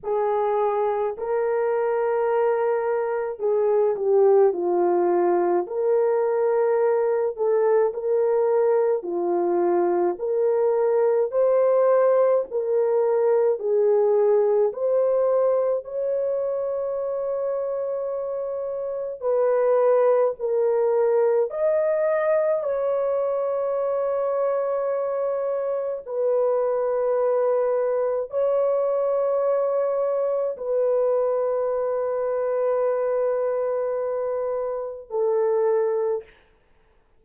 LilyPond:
\new Staff \with { instrumentName = "horn" } { \time 4/4 \tempo 4 = 53 gis'4 ais'2 gis'8 g'8 | f'4 ais'4. a'8 ais'4 | f'4 ais'4 c''4 ais'4 | gis'4 c''4 cis''2~ |
cis''4 b'4 ais'4 dis''4 | cis''2. b'4~ | b'4 cis''2 b'4~ | b'2. a'4 | }